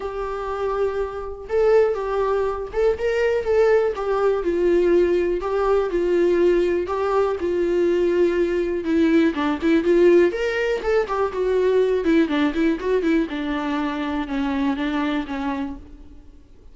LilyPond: \new Staff \with { instrumentName = "viola" } { \time 4/4 \tempo 4 = 122 g'2. a'4 | g'4. a'8 ais'4 a'4 | g'4 f'2 g'4 | f'2 g'4 f'4~ |
f'2 e'4 d'8 e'8 | f'4 ais'4 a'8 g'8 fis'4~ | fis'8 e'8 d'8 e'8 fis'8 e'8 d'4~ | d'4 cis'4 d'4 cis'4 | }